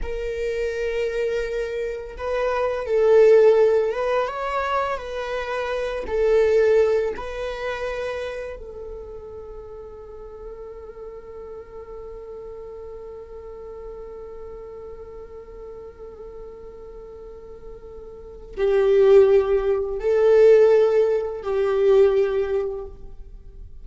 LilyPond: \new Staff \with { instrumentName = "viola" } { \time 4/4 \tempo 4 = 84 ais'2. b'4 | a'4. b'8 cis''4 b'4~ | b'8 a'4. b'2 | a'1~ |
a'1~ | a'1~ | a'2 g'2 | a'2 g'2 | }